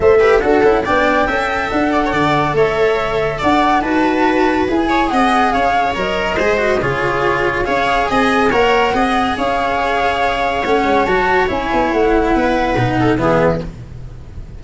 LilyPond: <<
  \new Staff \with { instrumentName = "flute" } { \time 4/4 \tempo 4 = 141 e''4 fis''4 g''2 | fis''2 e''2 | fis''4 a''2 gis''4 | fis''4 f''4 dis''2 |
cis''2 f''4 gis''4 | fis''2 f''2~ | f''4 fis''4 a''4 gis''4 | fis''2. e''4 | }
  \new Staff \with { instrumentName = "viola" } { \time 4/4 c''8 b'8 a'4 d''4 e''4~ | e''8 d''16 cis''16 d''4 cis''2 | d''4 b'2~ b'8 cis''8 | dis''4 cis''2 c''4 |
gis'2 cis''4 dis''4 | cis''4 dis''4 cis''2~ | cis''1~ | cis''4 b'4. a'8 gis'4 | }
  \new Staff \with { instrumentName = "cello" } { \time 4/4 a'8 g'8 fis'8 e'8 d'4 a'4~ | a'1~ | a'4 fis'2 gis'4~ | gis'2 ais'4 gis'8 fis'8 |
f'2 gis'2 | ais'4 gis'2.~ | gis'4 cis'4 fis'4 e'4~ | e'2 dis'4 b4 | }
  \new Staff \with { instrumentName = "tuba" } { \time 4/4 a4 d'8 cis'8 b4 cis'4 | d'4 d4 a2 | d'4 dis'2 e'4 | c'4 cis'4 fis4 gis4 |
cis2 cis'4 c'4 | ais4 c'4 cis'2~ | cis'4 a8 gis8 fis4 cis'8 b8 | a4 b4 b,4 e4 | }
>>